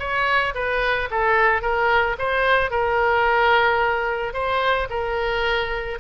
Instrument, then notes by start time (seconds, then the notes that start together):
oboe
0.00 C#5
0.55 B4
1.11 A4
1.62 A#4
2.19 C5
2.71 A#4
4.34 C5
4.90 A#4